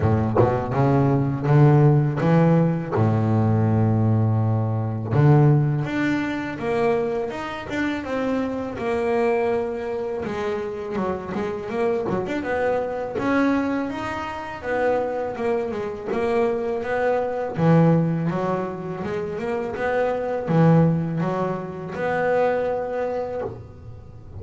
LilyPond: \new Staff \with { instrumentName = "double bass" } { \time 4/4 \tempo 4 = 82 a,8 b,8 cis4 d4 e4 | a,2. d4 | d'4 ais4 dis'8 d'8 c'4 | ais2 gis4 fis8 gis8 |
ais8 fis16 d'16 b4 cis'4 dis'4 | b4 ais8 gis8 ais4 b4 | e4 fis4 gis8 ais8 b4 | e4 fis4 b2 | }